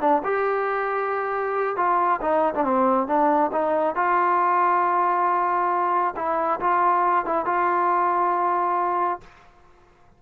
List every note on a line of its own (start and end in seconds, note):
0.00 0.22 D4
0.24 1.76 G4
1.76 2.20 F4
2.21 2.54 D#4
2.55 2.64 D4
2.64 3.07 C4
3.07 3.51 D4
3.52 3.95 D#4
3.95 6.14 F4
6.16 6.60 E4
6.60 7.25 F4
7.25 7.46 E4
7.46 9.21 F4